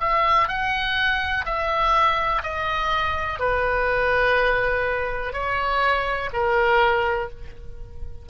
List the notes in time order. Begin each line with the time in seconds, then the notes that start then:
0.00 E5
0.48 F#5
1.45 E5
2.43 D#5
3.39 B4
5.33 C#5
6.33 A#4